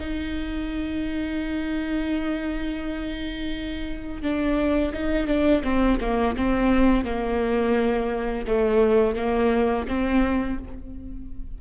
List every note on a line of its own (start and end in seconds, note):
0.00 4.22 D#4
4.22 4.93 D4
4.93 5.27 D#4
5.27 5.62 D4
5.63 5.99 C4
6.00 6.36 A#3
6.36 7.05 C4
7.05 8.46 A#3
8.47 9.15 A3
9.15 9.86 A#3
9.88 10.58 C4